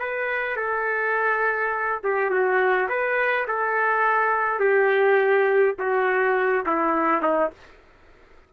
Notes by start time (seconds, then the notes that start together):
0.00 B4
0.57 A4
2.04 G4
2.31 F#4
2.89 B4
3.48 A4
4.60 G4
5.79 F#4
6.66 E4
7.22 D#4